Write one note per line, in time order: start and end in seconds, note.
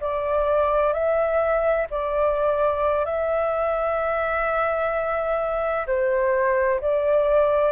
0.00 0.93 D5
0.93 1.87 E5
1.90 3.05 D5
3.05 5.86 E5
5.86 6.80 C5
6.80 7.71 D5